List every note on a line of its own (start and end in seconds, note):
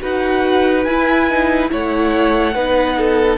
0.00 0.86 D#4
0.00 0.85 F#4
0.00 1.71 B4
0.00 0.84 F#5
0.84 1.71 E4
0.84 1.30 E4
0.84 1.68 G#5
1.30 1.69 D#4
1.69 2.55 A3
1.69 2.53 E4
1.69 2.54 C#5
1.69 3.38 F#5
2.54 3.38 B3
2.54 3.38 D#4
2.54 2.97 B4
2.98 3.38 A4